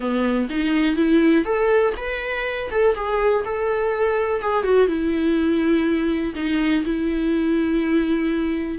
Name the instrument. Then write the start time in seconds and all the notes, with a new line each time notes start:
viola
0.00 B3
0.49 D#4
0.96 E4
1.44 A4
1.96 B4
2.71 A4
2.95 G#4
3.45 A4
4.41 G#4
4.63 F#4
4.87 E4
6.35 D#4
6.84 E4